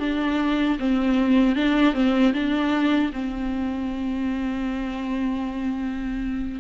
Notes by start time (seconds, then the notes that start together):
0.00 D4
0.79 C4
1.56 D4
1.94 C4
2.34 D4
3.13 C4